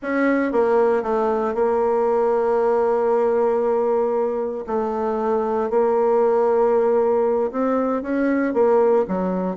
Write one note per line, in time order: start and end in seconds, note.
0.02 0.52 C#4
0.52 1.02 A#3
1.02 1.54 A3
1.54 4.64 A#3
4.67 5.70 A3
5.70 7.51 A#3
7.51 8.02 C4
8.02 8.53 C#4
8.53 9.05 A#3
9.08 9.56 F#3